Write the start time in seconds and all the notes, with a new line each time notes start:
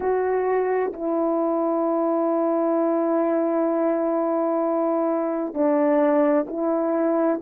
0.00 F#4
0.93 E4
5.54 D4
6.47 E4